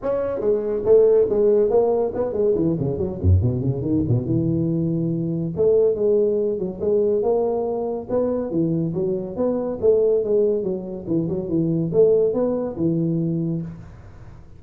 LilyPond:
\new Staff \with { instrumentName = "tuba" } { \time 4/4 \tempo 4 = 141 cis'4 gis4 a4 gis4 | ais4 b8 gis8 e8 cis8 fis8 fis,8 | b,8 cis8 dis8 b,8 e2~ | e4 a4 gis4. fis8 |
gis4 ais2 b4 | e4 fis4 b4 a4 | gis4 fis4 e8 fis8 e4 | a4 b4 e2 | }